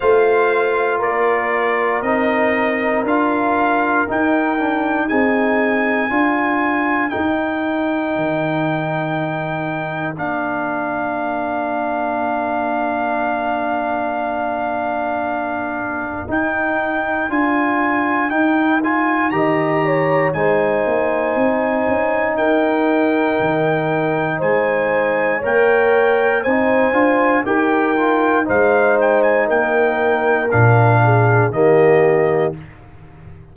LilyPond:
<<
  \new Staff \with { instrumentName = "trumpet" } { \time 4/4 \tempo 4 = 59 f''4 d''4 dis''4 f''4 | g''4 gis''2 g''4~ | g''2 f''2~ | f''1 |
g''4 gis''4 g''8 gis''8 ais''4 | gis''2 g''2 | gis''4 g''4 gis''4 g''4 | f''8 g''16 gis''16 g''4 f''4 dis''4 | }
  \new Staff \with { instrumentName = "horn" } { \time 4/4 c''4 ais'2.~ | ais'4 gis'4 ais'2~ | ais'1~ | ais'1~ |
ais'2. dis''8 cis''8 | c''2 ais'2 | c''4 cis''4 c''4 ais'4 | c''4 ais'4. gis'8 g'4 | }
  \new Staff \with { instrumentName = "trombone" } { \time 4/4 f'2 dis'4 f'4 | dis'8 d'8 dis'4 f'4 dis'4~ | dis'2 d'2~ | d'1 |
dis'4 f'4 dis'8 f'8 g'4 | dis'1~ | dis'4 ais'4 dis'8 f'8 g'8 f'8 | dis'2 d'4 ais4 | }
  \new Staff \with { instrumentName = "tuba" } { \time 4/4 a4 ais4 c'4 d'4 | dis'4 c'4 d'4 dis'4 | dis2 ais2~ | ais1 |
dis'4 d'4 dis'4 dis4 | gis8 ais8 c'8 cis'8 dis'4 dis4 | gis4 ais4 c'8 d'8 dis'4 | gis4 ais4 ais,4 dis4 | }
>>